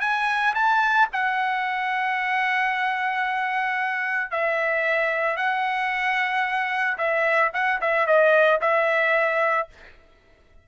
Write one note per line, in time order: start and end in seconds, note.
0.00 0.54 G#5
0.54 1.08 A5
1.12 4.31 F#5
4.31 5.37 E5
5.37 6.97 F#5
6.98 7.51 E5
7.53 7.80 F#5
7.81 8.06 E5
8.06 8.60 D#5
8.61 9.68 E5